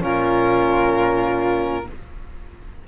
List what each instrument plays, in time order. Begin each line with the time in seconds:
0.00 cello A#2, trombone C#4, flute F4, violin A#4